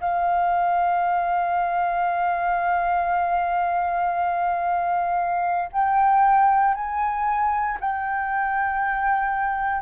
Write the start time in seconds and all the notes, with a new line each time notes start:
0.00 F5
5.72 G5
6.74 G#5
7.80 G5